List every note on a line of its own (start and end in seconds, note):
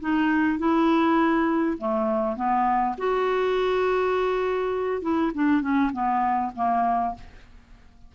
0.00 0.58 D#4
0.58 1.77 E4
1.77 2.36 A3
2.36 2.95 B3
2.98 5.02 F#4
5.02 5.31 E4
5.34 5.61 D4
5.61 5.91 C#4
5.92 6.52 B3
6.55 7.14 A#3